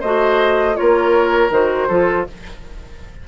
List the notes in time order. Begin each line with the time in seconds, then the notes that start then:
0.00 A3 F#4 C5 D#5
0.74 F4 A#4 C#5
0.81 A#3
1.50 D#3 F#4 C5
1.88 F3 F4 A4